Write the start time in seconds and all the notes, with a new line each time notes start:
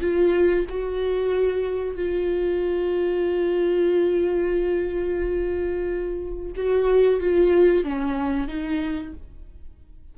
0.00 F4
0.69 F#4
1.96 F4
6.56 F#4
7.20 F4
7.84 C#4
8.47 D#4